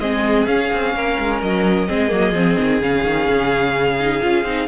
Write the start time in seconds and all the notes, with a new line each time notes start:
0.00 G#3 C4 G#4 D#5
0.46 C#4 F5
0.73 C4
0.95 A#3 A#4
1.20 G#3
1.42 F#3 D#5
1.88 G#3 C4 G#4
2.09 F#3 A#3
2.33 F3 C4
2.60 D#3
2.82 C#3 C#4 F5
3.05 D#3
3.29 C#3
4.01 D#4
4.22 C#4 F4
4.45 C4 D#4